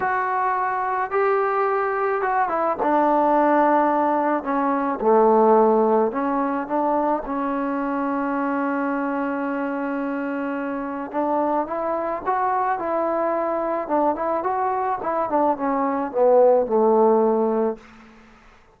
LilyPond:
\new Staff \with { instrumentName = "trombone" } { \time 4/4 \tempo 4 = 108 fis'2 g'2 | fis'8 e'8 d'2. | cis'4 a2 cis'4 | d'4 cis'2.~ |
cis'1 | d'4 e'4 fis'4 e'4~ | e'4 d'8 e'8 fis'4 e'8 d'8 | cis'4 b4 a2 | }